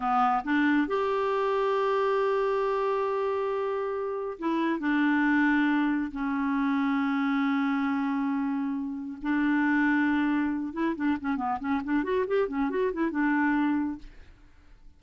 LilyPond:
\new Staff \with { instrumentName = "clarinet" } { \time 4/4 \tempo 4 = 137 b4 d'4 g'2~ | g'1~ | g'2 e'4 d'4~ | d'2 cis'2~ |
cis'1~ | cis'4 d'2.~ | d'8 e'8 d'8 cis'8 b8 cis'8 d'8 fis'8 | g'8 cis'8 fis'8 e'8 d'2 | }